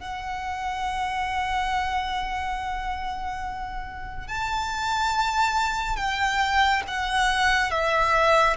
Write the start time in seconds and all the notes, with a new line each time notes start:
0.00 F#5
4.28 A5
5.97 G5
6.88 F#5
7.71 E5